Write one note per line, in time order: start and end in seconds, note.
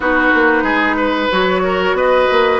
0.00 0.29 B3
0.00 1.31 D#4
0.00 0.63 F#4
0.00 1.31 B4
0.34 0.62 A#3
0.62 1.28 G#3
0.62 0.96 G#4
0.96 1.62 B4
1.31 1.93 F#3
1.31 2.60 F#4
1.31 1.97 C#5
1.63 1.96 A#4
1.93 2.25 B3
1.93 2.60 B4
1.93 2.60 D#5
2.31 2.60 A#3